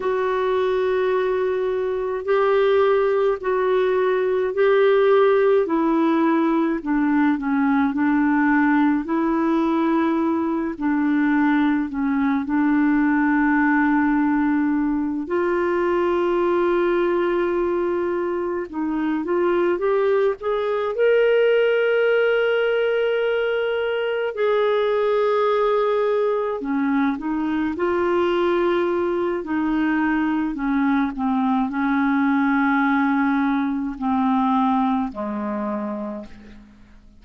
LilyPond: \new Staff \with { instrumentName = "clarinet" } { \time 4/4 \tempo 4 = 53 fis'2 g'4 fis'4 | g'4 e'4 d'8 cis'8 d'4 | e'4. d'4 cis'8 d'4~ | d'4. f'2~ f'8~ |
f'8 dis'8 f'8 g'8 gis'8 ais'4.~ | ais'4. gis'2 cis'8 | dis'8 f'4. dis'4 cis'8 c'8 | cis'2 c'4 gis4 | }